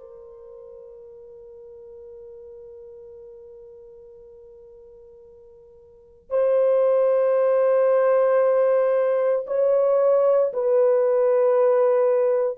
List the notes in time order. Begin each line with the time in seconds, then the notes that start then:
0.00 A#4
6.30 C5
9.47 C#5
10.54 B4